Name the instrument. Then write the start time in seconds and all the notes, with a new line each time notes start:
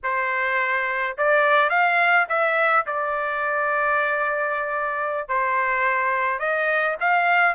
trumpet
0.03 C5
1.17 D5
1.69 F5
2.29 E5
2.86 D5
5.28 C5
6.39 D#5
7.00 F5